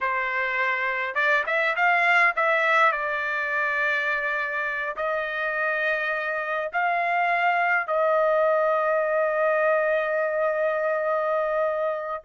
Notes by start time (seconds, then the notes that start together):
0.00 C5
1.14 D5
1.46 E5
1.76 F5
2.36 E5
2.92 D5
4.96 D#5
6.72 F5
7.87 D#5